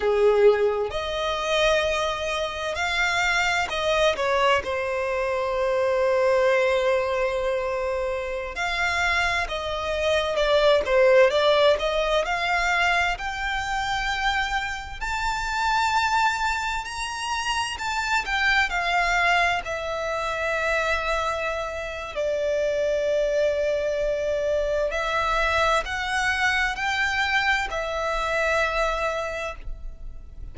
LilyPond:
\new Staff \with { instrumentName = "violin" } { \time 4/4 \tempo 4 = 65 gis'4 dis''2 f''4 | dis''8 cis''8 c''2.~ | c''4~ c''16 f''4 dis''4 d''8 c''16~ | c''16 d''8 dis''8 f''4 g''4.~ g''16~ |
g''16 a''2 ais''4 a''8 g''16~ | g''16 f''4 e''2~ e''8. | d''2. e''4 | fis''4 g''4 e''2 | }